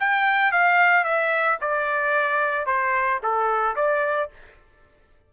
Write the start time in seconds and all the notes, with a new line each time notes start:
0.00 G5
0.52 F5
1.04 E5
1.61 D5
2.66 C5
3.23 A4
3.76 D5